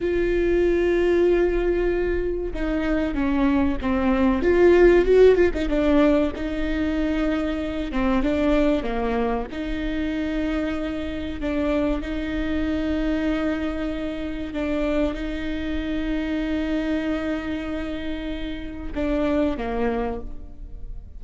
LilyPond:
\new Staff \with { instrumentName = "viola" } { \time 4/4 \tempo 4 = 95 f'1 | dis'4 cis'4 c'4 f'4 | fis'8 f'16 dis'16 d'4 dis'2~ | dis'8 c'8 d'4 ais4 dis'4~ |
dis'2 d'4 dis'4~ | dis'2. d'4 | dis'1~ | dis'2 d'4 ais4 | }